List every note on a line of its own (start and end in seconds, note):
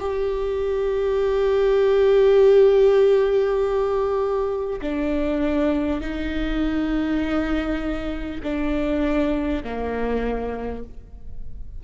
0.00 4.80 G4
4.82 6.01 D4
6.01 8.41 D#4
8.43 9.63 D4
9.63 10.83 A#3